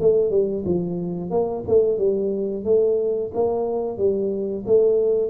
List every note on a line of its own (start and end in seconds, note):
0.00 0.30 A3
0.30 0.63 G3
0.65 1.30 F3
1.30 1.63 A#3
1.68 1.98 A3
1.98 2.64 G3
2.64 3.31 A3
3.34 3.97 A#3
3.97 4.64 G3
4.66 5.30 A3